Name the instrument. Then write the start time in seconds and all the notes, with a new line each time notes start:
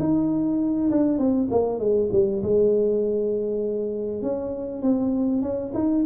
tuba
0.00 D#4
0.91 D4
1.19 C4
1.51 A#3
1.80 G#3
2.12 G3
2.43 G#3
4.23 C#4
4.83 C4
5.42 C#4
5.74 D#4